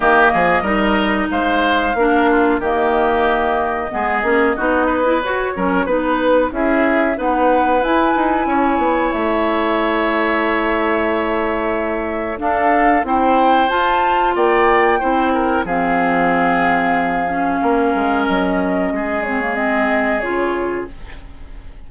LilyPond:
<<
  \new Staff \with { instrumentName = "flute" } { \time 4/4 \tempo 4 = 92 dis''2 f''2 | dis''1 | cis''4 b'4 e''4 fis''4 | gis''2 e''2~ |
e''2. f''4 | g''4 a''4 g''2 | f''1 | dis''4. cis''8 dis''4 cis''4 | }
  \new Staff \with { instrumentName = "oboe" } { \time 4/4 g'8 gis'8 ais'4 c''4 ais'8 f'8 | g'2 gis'4 fis'8 b'8~ | b'8 ais'8 b'4 gis'4 b'4~ | b'4 cis''2.~ |
cis''2. a'4 | c''2 d''4 c''8 ais'8 | gis'2. ais'4~ | ais'4 gis'2. | }
  \new Staff \with { instrumentName = "clarinet" } { \time 4/4 ais4 dis'2 d'4 | ais2 b8 cis'8 dis'8. e'16 | fis'8 cis'8 dis'4 e'4 dis'4 | e'1~ |
e'2. d'4 | e'4 f'2 e'4 | c'2~ c'8 cis'4.~ | cis'4. c'16 ais16 c'4 f'4 | }
  \new Staff \with { instrumentName = "bassoon" } { \time 4/4 dis8 f8 g4 gis4 ais4 | dis2 gis8 ais8 b4 | fis'8 fis8 b4 cis'4 b4 | e'8 dis'8 cis'8 b8 a2~ |
a2. d'4 | c'4 f'4 ais4 c'4 | f2. ais8 gis8 | fis4 gis2 cis4 | }
>>